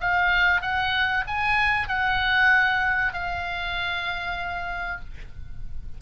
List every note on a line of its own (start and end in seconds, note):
0.00 0.61 F5
0.61 1.24 F#5
1.27 1.88 G#5
1.88 3.12 F#5
3.12 5.00 F5